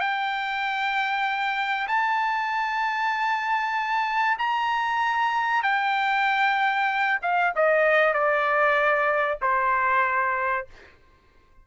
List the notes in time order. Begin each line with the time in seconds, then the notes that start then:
0.00 G5
1.88 A5
4.39 A#5
5.63 G5
7.22 F5
7.56 D#5
8.14 D5
9.42 C5